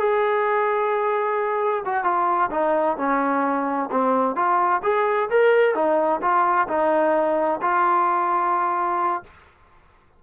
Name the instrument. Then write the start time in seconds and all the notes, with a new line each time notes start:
trombone
0.00 G#4
1.86 F#4
2.04 F4
2.51 D#4
2.98 C#4
3.92 C4
4.36 F4
4.83 G#4
5.30 A#4
5.75 D#4
6.22 F4
6.69 D#4
7.62 F4